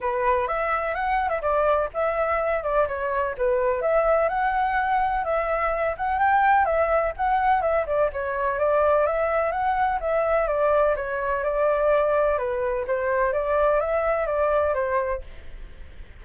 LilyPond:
\new Staff \with { instrumentName = "flute" } { \time 4/4 \tempo 4 = 126 b'4 e''4 fis''8. e''16 d''4 | e''4. d''8 cis''4 b'4 | e''4 fis''2 e''4~ | e''8 fis''8 g''4 e''4 fis''4 |
e''8 d''8 cis''4 d''4 e''4 | fis''4 e''4 d''4 cis''4 | d''2 b'4 c''4 | d''4 e''4 d''4 c''4 | }